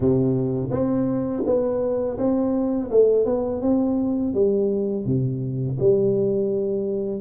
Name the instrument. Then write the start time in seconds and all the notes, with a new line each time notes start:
tuba
0.00 C3
0.70 C4
1.45 B3
2.18 C4
2.90 A3
3.25 B3
3.61 C4
4.34 G3
5.05 C3
5.79 G3